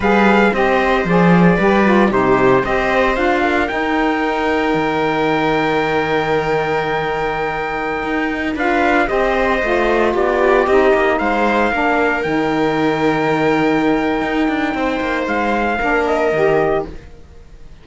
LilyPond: <<
  \new Staff \with { instrumentName = "trumpet" } { \time 4/4 \tempo 4 = 114 f''4 dis''4 d''2 | c''4 dis''4 f''4 g''4~ | g''1~ | g''1~ |
g''16 f''4 dis''2 d''8.~ | d''16 dis''4 f''2 g''8.~ | g''1~ | g''4 f''4. dis''4. | }
  \new Staff \with { instrumentName = "viola" } { \time 4/4 b'4 c''2 b'4 | g'4 c''4. ais'4.~ | ais'1~ | ais'1~ |
ais'16 b'4 c''2 g'8.~ | g'4~ g'16 c''4 ais'4.~ ais'16~ | ais'1 | c''2 ais'2 | }
  \new Staff \with { instrumentName = "saxophone" } { \time 4/4 gis'4 g'4 gis'4 g'8 f'8 | dis'4 g'4 f'4 dis'4~ | dis'1~ | dis'1~ |
dis'16 f'4 g'4 f'4.~ f'16~ | f'16 dis'2 d'4 dis'8.~ | dis'1~ | dis'2 d'4 g'4 | }
  \new Staff \with { instrumentName = "cello" } { \time 4/4 g4 c'4 f4 g4 | c4 c'4 d'4 dis'4~ | dis'4 dis2.~ | dis2.~ dis16 dis'8.~ |
dis'16 d'4 c'4 a4 b8.~ | b16 c'8 ais8 gis4 ais4 dis8.~ | dis2. dis'8 d'8 | c'8 ais8 gis4 ais4 dis4 | }
>>